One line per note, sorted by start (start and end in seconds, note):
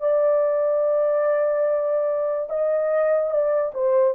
0.00 2.49 D5
2.49 3.30 D#5
3.30 3.72 D5
3.74 4.14 C5